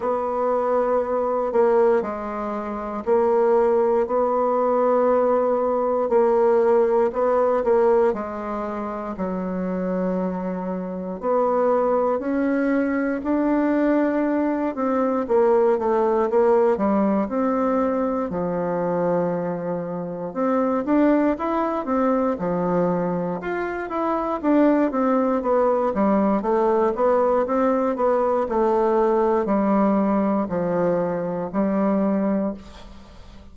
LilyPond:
\new Staff \with { instrumentName = "bassoon" } { \time 4/4 \tempo 4 = 59 b4. ais8 gis4 ais4 | b2 ais4 b8 ais8 | gis4 fis2 b4 | cis'4 d'4. c'8 ais8 a8 |
ais8 g8 c'4 f2 | c'8 d'8 e'8 c'8 f4 f'8 e'8 | d'8 c'8 b8 g8 a8 b8 c'8 b8 | a4 g4 f4 g4 | }